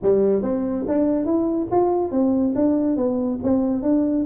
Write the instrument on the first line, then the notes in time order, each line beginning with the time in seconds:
tuba
0.02 G3
0.42 C4
0.88 D4
1.25 E4
1.71 F4
2.11 C4
2.55 D4
2.96 B3
3.43 C4
3.82 D4